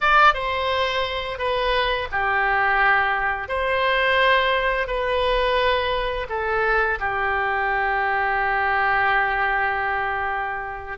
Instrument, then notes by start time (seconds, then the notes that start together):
oboe
0.01 D5
0.33 C5
1.38 B4
2.11 G4
3.48 C5
4.87 B4
6.29 A4
6.99 G4